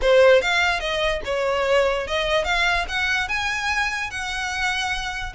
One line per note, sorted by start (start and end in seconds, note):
0.01 0.41 C5
0.41 0.80 F5
0.80 1.21 D#5
1.24 2.07 C#5
2.07 2.44 D#5
2.44 2.85 F5
2.88 3.28 F#5
3.28 4.10 G#5
4.10 5.33 F#5